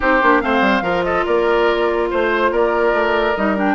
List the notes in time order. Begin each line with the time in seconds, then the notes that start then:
0.00 C4 D#4 G4 C5
0.22 A#3 D4
0.40 A3 C4 C5 F5
0.60 G3
0.81 F3 F4 A#4
1.03 A4 D#5
1.25 A#3 A#4 D5
2.10 A3 C5
2.51 A#3 A#4 D5
2.92 A3
3.35 G3 D#4 D#5
3.56 D4 G5